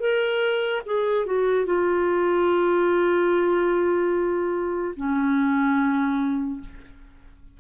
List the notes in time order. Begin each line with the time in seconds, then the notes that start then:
0.00 A#4
0.86 G#4
1.26 F#4
1.66 F4
4.96 C#4